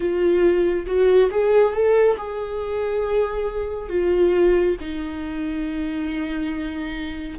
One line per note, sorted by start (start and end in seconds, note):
0.00 0.85 F4
0.86 1.29 F#4
1.30 1.73 G#4
1.73 2.17 A4
2.17 3.89 G#4
3.89 4.76 F4
4.80 7.39 D#4